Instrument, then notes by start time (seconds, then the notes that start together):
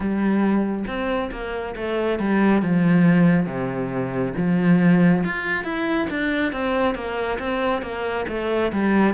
cello
0.00 G3
0.87 C4
1.31 A#3
1.76 A3
2.19 G3
2.62 F3
3.46 C3
4.36 F3
5.24 F4
5.64 E4
6.09 D4
6.52 C4
6.94 A#3
7.38 C4
7.82 A#3
8.28 A3
8.72 G3